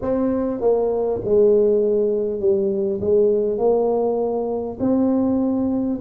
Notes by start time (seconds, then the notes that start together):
0.01 C4
0.60 A#3
1.24 G#3
2.40 G3
3.00 G#3
3.57 A#3
4.79 C4